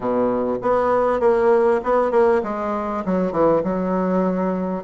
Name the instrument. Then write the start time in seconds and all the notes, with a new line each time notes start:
bassoon
0.00 B2
0.62 B3
1.20 A#3
1.83 B3
2.11 A#3
2.43 G#3
3.05 F#3
3.31 E3
3.63 F#3